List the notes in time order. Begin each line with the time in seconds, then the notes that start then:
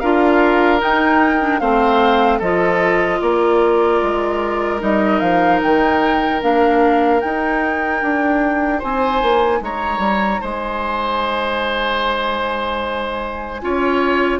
0.00 D4 F4 A#4 F5
0.80 D#4 G5
1.40 D4
1.59 A3 C4 C5 F5
2.39 F3 F4 A4 D#5
3.21 A#3 A#4 D5
4.02 G#3
4.80 G3 D#4 D#5
5.19 F3 F5
5.62 D#3 G5
6.41 A#3 D4 F5
7.20 D#4 G5
8.02 D4
8.79 C4 C5 G#5
9.23 A#3
9.61 G#3 C#5 A#5
9.99 G3
10.41 G#3 C5 G#5
13.62 C#4 F4 C#5